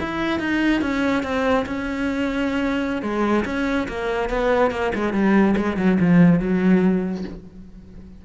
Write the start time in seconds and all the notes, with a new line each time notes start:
0.00 E4
0.40 D#4
0.82 C#4
1.23 C4
1.66 C#4
3.03 G#3
3.45 C#4
3.89 A#3
4.30 B3
4.71 A#3
4.95 G#3
5.13 G3
5.57 G#3
5.77 F#3
6.01 F3
6.40 F#3